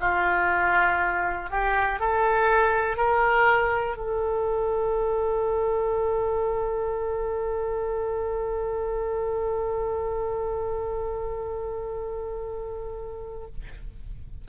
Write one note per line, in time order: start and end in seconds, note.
0.00 1.50 F4
1.50 2.00 G4
2.00 2.97 A4
2.97 3.97 A#4
3.97 13.47 A4